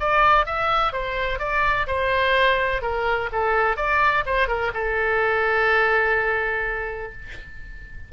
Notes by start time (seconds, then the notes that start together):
0.00 D5
0.46 E5
0.93 C5
1.39 D5
1.87 C5
2.82 A#4
3.32 A4
3.77 D5
4.26 C5
4.48 A#4
4.74 A4